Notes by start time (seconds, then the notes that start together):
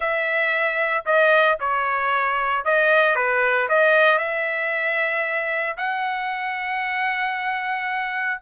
0.00 E5
1.05 D#5
1.59 C#5
2.65 D#5
3.15 B4
3.68 D#5
4.18 E5
5.77 F#5